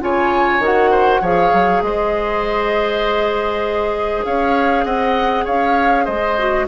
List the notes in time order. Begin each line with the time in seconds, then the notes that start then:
0.00 C#3 F4 C#5 G#5
0.59 D#3 F#4 F#5
0.90 C5
1.21 F3 G#4 C#5 F5
1.52 F#3
1.82 G#3 C5 D#5
4.24 C#4 C#5 F5
4.84 C4 D#5 F#5
5.44 C#4 C#5 F5
6.04 G#3 C5 D#5
6.38 F#4